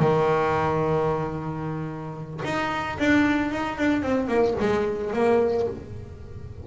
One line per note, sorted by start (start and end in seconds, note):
0.00 2.41 D#3
2.44 2.98 D#4
2.99 3.51 D4
3.51 3.78 D#4
3.78 4.02 D4
4.02 4.28 C4
4.28 4.54 A#3
4.60 5.13 G#3
5.13 5.67 A#3